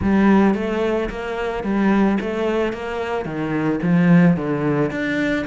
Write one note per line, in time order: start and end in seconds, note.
0.02 0.54 G3
0.54 1.09 A3
1.09 1.63 A#3
1.63 2.18 G3
2.20 2.72 A3
2.72 3.25 A#3
3.25 3.79 D#3
3.82 4.36 F3
4.36 4.90 D3
4.91 5.45 D4